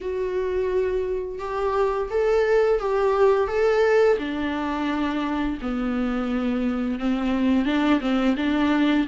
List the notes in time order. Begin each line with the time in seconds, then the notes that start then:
0.01 F#4
1.39 G4
2.10 A4
2.79 G4
3.47 A4
4.18 D4
5.61 B3
6.99 C4
7.65 D4
8.00 C4
8.37 D4